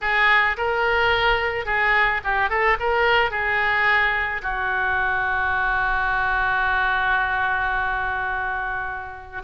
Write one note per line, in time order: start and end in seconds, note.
0.01 0.56 G#4
0.57 1.65 A#4
1.65 2.21 G#4
2.23 2.49 G4
2.49 2.77 A4
2.79 3.30 A#4
3.30 4.41 G#4
4.42 9.42 F#4